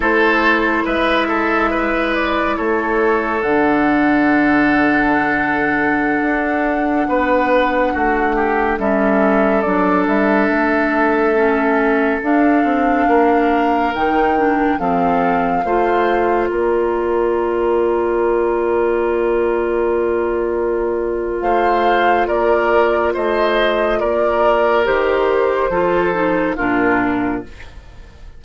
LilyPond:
<<
  \new Staff \with { instrumentName = "flute" } { \time 4/4 \tempo 4 = 70 c''4 e''4. d''8 cis''4 | fis''1~ | fis''2~ fis''16 e''4 d''8 e''16~ | e''2~ e''16 f''4.~ f''16~ |
f''16 g''4 f''2 d''8.~ | d''1~ | d''4 f''4 d''4 dis''4 | d''4 c''2 ais'4 | }
  \new Staff \with { instrumentName = "oboe" } { \time 4/4 a'4 b'8 a'8 b'4 a'4~ | a'1~ | a'16 b'4 fis'8 g'8 a'4.~ a'16~ | a'2.~ a'16 ais'8.~ |
ais'4~ ais'16 a'4 c''4 ais'8.~ | ais'1~ | ais'4 c''4 ais'4 c''4 | ais'2 a'4 f'4 | }
  \new Staff \with { instrumentName = "clarinet" } { \time 4/4 e'1 | d'1~ | d'2~ d'16 cis'4 d'8.~ | d'4~ d'16 cis'4 d'4.~ d'16~ |
d'16 dis'8 d'8 c'4 f'4.~ f'16~ | f'1~ | f'1~ | f'4 g'4 f'8 dis'8 d'4 | }
  \new Staff \with { instrumentName = "bassoon" } { \time 4/4 a4 gis2 a4 | d2.~ d16 d'8.~ | d'16 b4 a4 g4 fis8 g16~ | g16 a2 d'8 c'8 ais8.~ |
ais16 dis4 f4 a4 ais8.~ | ais1~ | ais4 a4 ais4 a4 | ais4 dis4 f4 ais,4 | }
>>